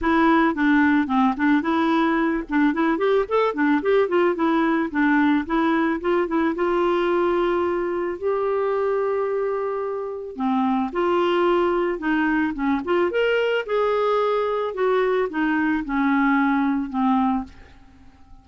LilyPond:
\new Staff \with { instrumentName = "clarinet" } { \time 4/4 \tempo 4 = 110 e'4 d'4 c'8 d'8 e'4~ | e'8 d'8 e'8 g'8 a'8 d'8 g'8 f'8 | e'4 d'4 e'4 f'8 e'8 | f'2. g'4~ |
g'2. c'4 | f'2 dis'4 cis'8 f'8 | ais'4 gis'2 fis'4 | dis'4 cis'2 c'4 | }